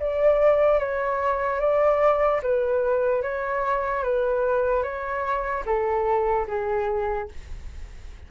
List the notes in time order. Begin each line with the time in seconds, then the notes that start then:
0.00 D5
0.80 C#5
1.60 D5
2.43 B4
3.22 C#5
4.04 B4
4.83 C#5
5.66 A4
6.48 G#4